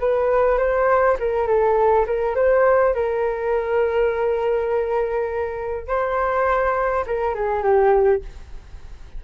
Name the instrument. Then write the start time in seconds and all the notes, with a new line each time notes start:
flute
0.00 B4
0.58 C5
1.20 A#4
1.47 A4
2.07 A#4
2.36 C5
2.94 A#4
5.87 C5
7.07 A#4
7.34 G#4
7.63 G4